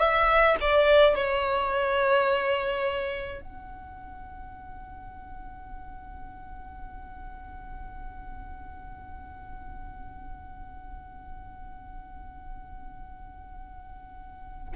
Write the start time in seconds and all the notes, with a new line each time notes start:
0.00 E5
0.61 D5
1.16 C#5
3.42 F#5